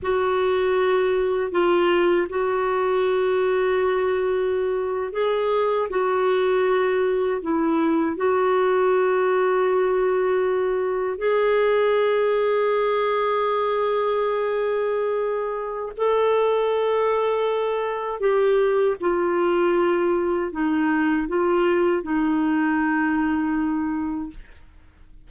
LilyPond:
\new Staff \with { instrumentName = "clarinet" } { \time 4/4 \tempo 4 = 79 fis'2 f'4 fis'4~ | fis'2~ fis'8. gis'4 fis'16~ | fis'4.~ fis'16 e'4 fis'4~ fis'16~ | fis'2~ fis'8. gis'4~ gis'16~ |
gis'1~ | gis'4 a'2. | g'4 f'2 dis'4 | f'4 dis'2. | }